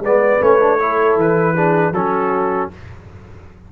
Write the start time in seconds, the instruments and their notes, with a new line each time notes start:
0.00 tuba G#3, trombone B3, horn B4, trumpet D5
0.40 tuba A3, trombone C#4, trumpet C#5
0.59 trombone D4
0.79 trombone E4, horn A4
1.16 tuba E3, trumpet B4
1.54 trombone D4, horn G#4
1.92 tuba F#3, trombone C#4, horn F#4, trumpet A4